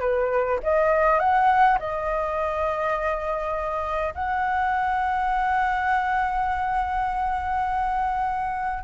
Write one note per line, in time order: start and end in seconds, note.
0.00 0.59 B4
0.63 1.19 D#5
1.19 1.78 F#5
1.79 4.14 D#5
4.14 8.83 F#5